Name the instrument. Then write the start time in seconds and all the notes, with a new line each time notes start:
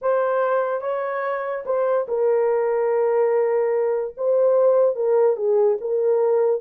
horn
0.01 C5
0.81 C#5
1.65 C5
2.08 A#4
4.17 C5
4.95 A#4
5.36 G#4
5.80 A#4